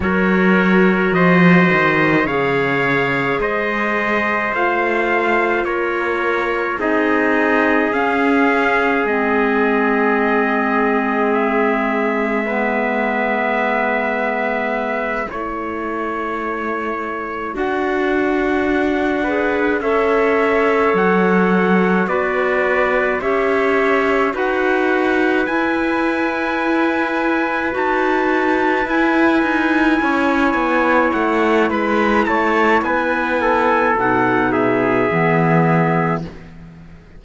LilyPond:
<<
  \new Staff \with { instrumentName = "trumpet" } { \time 4/4 \tempo 4 = 53 cis''4 dis''4 f''4 dis''4 | f''4 cis''4 dis''4 f''4 | dis''2 e''2~ | e''4. cis''2 fis''8~ |
fis''4. e''4 fis''4 d''8~ | d''8 e''4 fis''4 gis''4.~ | gis''8 a''4 gis''2 fis''8 | b''8 a''8 gis''4 fis''8 e''4. | }
  \new Staff \with { instrumentName = "trumpet" } { \time 4/4 ais'4 c''4 cis''4 c''4~ | c''4 ais'4 gis'2~ | gis'2. b'4~ | b'4. a'2~ a'8~ |
a'4 b'8 cis''2 b'8~ | b'8 cis''4 b'2~ b'8~ | b'2~ b'8 cis''4. | b'8 cis''8 b'8 a'4 gis'4. | }
  \new Staff \with { instrumentName = "clarinet" } { \time 4/4 fis'2 gis'2 | f'2 dis'4 cis'4 | c'2. b4~ | b4. e'2 fis'8~ |
fis'4 gis'8 a'2 fis'8~ | fis'8 g'4 fis'4 e'4.~ | e'8 fis'4 e'2~ e'8~ | e'2 dis'4 b4 | }
  \new Staff \with { instrumentName = "cello" } { \time 4/4 fis4 f8 dis8 cis4 gis4 | a4 ais4 c'4 cis'4 | gis1~ | gis4. a2 d'8~ |
d'4. cis'4 fis4 b8~ | b8 cis'4 dis'4 e'4.~ | e'8 dis'4 e'8 dis'8 cis'8 b8 a8 | gis8 a8 b4 b,4 e4 | }
>>